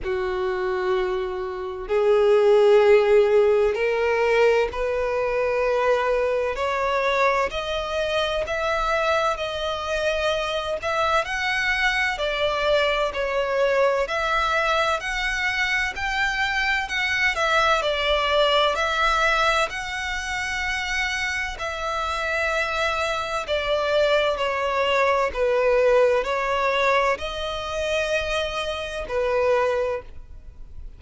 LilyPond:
\new Staff \with { instrumentName = "violin" } { \time 4/4 \tempo 4 = 64 fis'2 gis'2 | ais'4 b'2 cis''4 | dis''4 e''4 dis''4. e''8 | fis''4 d''4 cis''4 e''4 |
fis''4 g''4 fis''8 e''8 d''4 | e''4 fis''2 e''4~ | e''4 d''4 cis''4 b'4 | cis''4 dis''2 b'4 | }